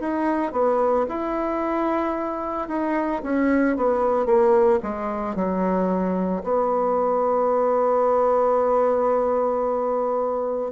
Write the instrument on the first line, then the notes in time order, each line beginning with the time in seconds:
bassoon
0.00 D#4
0.52 B3
1.09 E4
2.68 D#4
3.23 C#4
3.76 B3
4.26 A#3
4.83 G#3
5.36 F#3
6.43 B3